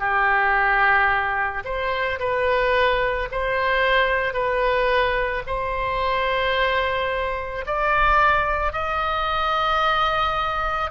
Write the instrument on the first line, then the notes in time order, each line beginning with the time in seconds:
oboe
0.00 G4
1.65 C5
2.20 B4
3.32 C5
4.34 B4
5.47 C5
7.67 D5
8.73 D#5